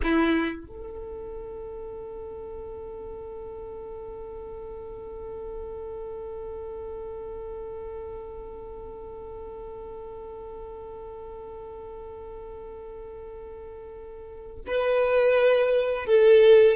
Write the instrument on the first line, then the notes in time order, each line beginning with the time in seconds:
violin
0.03 E4
0.66 A4
14.66 B4
16.06 A4